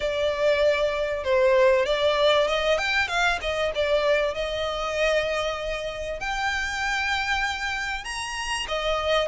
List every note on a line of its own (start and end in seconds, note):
0.00 1.23 D5
1.24 1.85 C5
1.85 2.47 D5
2.47 2.78 D#5
2.78 3.08 G5
3.08 3.39 F5
3.41 3.72 D#5
3.74 4.34 D5
4.34 6.19 D#5
6.19 8.04 G5
8.04 8.66 A#5
8.68 9.28 D#5